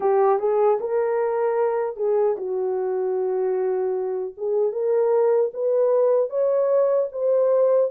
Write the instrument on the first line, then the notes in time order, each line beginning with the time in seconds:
horn
0.00 G4
0.39 G#4
0.80 A#4
1.96 G#4
2.37 F#4
4.37 G#4
4.72 A#4
5.53 B4
6.29 C#5
7.12 C5